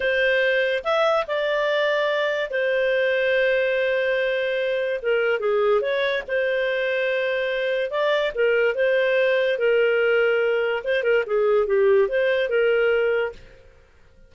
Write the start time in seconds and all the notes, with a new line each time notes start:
0.00 C5
0.84 E5
1.27 D5
2.50 C5
5.02 A#4
5.39 G#4
5.81 C#5
6.27 C5
7.90 D5
8.34 A#4
8.75 C5
9.58 A#4
10.83 C5
11.03 A#4
11.26 G#4
11.66 G4
12.08 C5
12.49 A#4